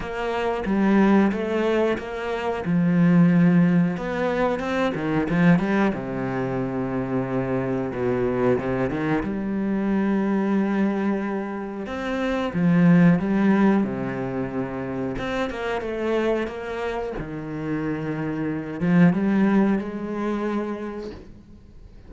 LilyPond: \new Staff \with { instrumentName = "cello" } { \time 4/4 \tempo 4 = 91 ais4 g4 a4 ais4 | f2 b4 c'8 dis8 | f8 g8 c2. | b,4 c8 dis8 g2~ |
g2 c'4 f4 | g4 c2 c'8 ais8 | a4 ais4 dis2~ | dis8 f8 g4 gis2 | }